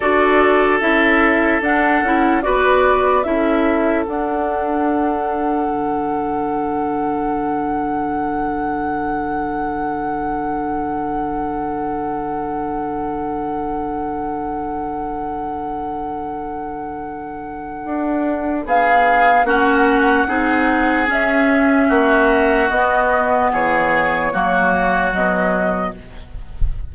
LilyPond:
<<
  \new Staff \with { instrumentName = "flute" } { \time 4/4 \tempo 4 = 74 d''4 e''4 fis''4 d''4 | e''4 fis''2.~ | fis''1~ | fis''1~ |
fis''1~ | fis''2. f''4 | fis''2 e''2 | dis''4 cis''2 dis''4 | }
  \new Staff \with { instrumentName = "oboe" } { \time 4/4 a'2. b'4 | a'1~ | a'1~ | a'1~ |
a'1~ | a'2. gis'4 | fis'4 gis'2 fis'4~ | fis'4 gis'4 fis'2 | }
  \new Staff \with { instrumentName = "clarinet" } { \time 4/4 fis'4 e'4 d'8 e'8 fis'4 | e'4 d'2.~ | d'1~ | d'1~ |
d'1~ | d'1 | cis'4 dis'4 cis'2 | b2 ais4 fis4 | }
  \new Staff \with { instrumentName = "bassoon" } { \time 4/4 d'4 cis'4 d'8 cis'8 b4 | cis'4 d'2 d4~ | d1~ | d1~ |
d1~ | d2 d'4 b4 | ais4 c'4 cis'4 ais4 | b4 e4 fis4 b,4 | }
>>